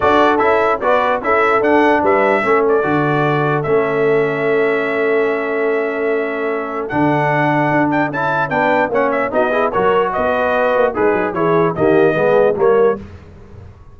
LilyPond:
<<
  \new Staff \with { instrumentName = "trumpet" } { \time 4/4 \tempo 4 = 148 d''4 e''4 d''4 e''4 | fis''4 e''4. d''4.~ | d''4 e''2.~ | e''1~ |
e''4 fis''2~ fis''8 g''8 | a''4 g''4 fis''8 e''8 dis''4 | cis''4 dis''2 b'4 | cis''4 dis''2 cis''4 | }
  \new Staff \with { instrumentName = "horn" } { \time 4/4 a'2 b'4 a'4~ | a'4 b'4 a'2~ | a'1~ | a'1~ |
a'1~ | a'4 b'4 cis''4 fis'8 gis'8 | ais'4 b'2 dis'4 | gis'4 g'4 gis'4 ais'4 | }
  \new Staff \with { instrumentName = "trombone" } { \time 4/4 fis'4 e'4 fis'4 e'4 | d'2 cis'4 fis'4~ | fis'4 cis'2.~ | cis'1~ |
cis'4 d'2. | e'4 d'4 cis'4 dis'8 e'8 | fis'2. gis'4 | e'4 ais4 b4 ais4 | }
  \new Staff \with { instrumentName = "tuba" } { \time 4/4 d'4 cis'4 b4 cis'4 | d'4 g4 a4 d4~ | d4 a2.~ | a1~ |
a4 d2 d'4 | cis'4 b4 ais4 b4 | fis4 b4. ais8 gis8 fis8 | e4 dis4 gis4 g4 | }
>>